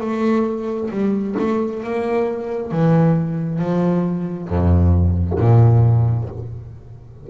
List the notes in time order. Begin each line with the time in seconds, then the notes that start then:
0.00 A3
0.90 G3
1.38 A3
1.83 A#3
2.71 E3
3.59 F3
4.48 F2
5.39 A#2